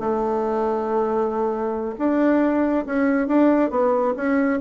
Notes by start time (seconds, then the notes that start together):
0.00 A3
1.99 D4
2.86 C#4
3.28 D4
3.71 B3
4.17 C#4